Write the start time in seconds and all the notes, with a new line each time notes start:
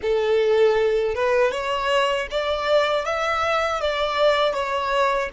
0.02 A4
1.14 B4
1.51 C#5
2.30 D5
3.05 E5
3.80 D5
4.53 C#5